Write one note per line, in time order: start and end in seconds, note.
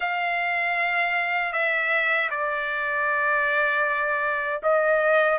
0.00 1.52 F5
1.52 2.29 E5
2.30 4.61 D5
4.62 5.38 D#5